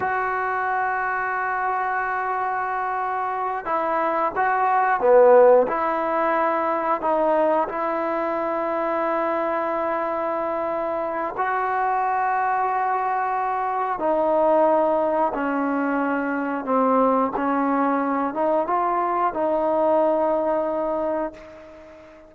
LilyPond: \new Staff \with { instrumentName = "trombone" } { \time 4/4 \tempo 4 = 90 fis'1~ | fis'4. e'4 fis'4 b8~ | b8 e'2 dis'4 e'8~ | e'1~ |
e'4 fis'2.~ | fis'4 dis'2 cis'4~ | cis'4 c'4 cis'4. dis'8 | f'4 dis'2. | }